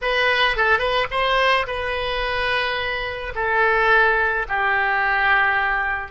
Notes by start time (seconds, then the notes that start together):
0.01 B4
0.56 A4
0.78 B4
1.11 C5
1.66 B4
3.35 A4
4.48 G4